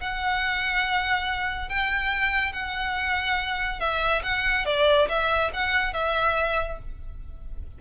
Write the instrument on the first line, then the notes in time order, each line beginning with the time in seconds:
violin
0.00 F#5
1.69 G5
2.52 F#5
3.79 E5
4.23 F#5
4.65 D5
5.08 E5
5.53 F#5
5.93 E5